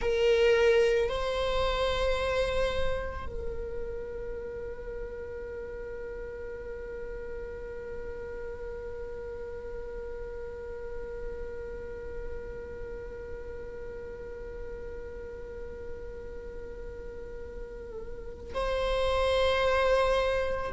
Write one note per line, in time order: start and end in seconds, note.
0.00 1.09 A#4
1.09 3.26 C5
3.26 18.53 A#4
18.54 20.72 C5